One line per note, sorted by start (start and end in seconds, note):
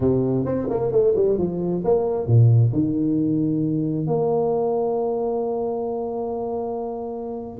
0.00 0.45 C3
0.45 0.68 C4
0.69 0.91 A#3
0.91 1.14 A3
1.15 1.38 G3
1.38 1.83 F3
1.84 2.26 A#3
2.26 2.71 A#2
2.73 4.06 D#3
4.06 7.58 A#3